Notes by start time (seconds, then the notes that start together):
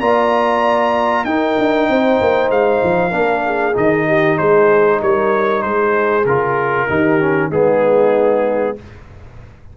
0.00 A#3 F4 D5 A#5
1.25 D#4 A#4 G5
1.58 D4
1.89 C4 C5
2.21 A#3
2.50 G#3 F5
2.83 F3
3.11 A#3 D4 A#4
3.45 G#4
3.73 D#3 D#4 D#5
4.07 G4
4.38 G#3 G#4 C5
5.02 G3 A#4 C#5
5.63 G#3 G#4 C5
6.26 C#3 F4 A#4
6.88 D#3 D#4 G4
7.20 C#4
7.49 G#3 B3 D#4 G#4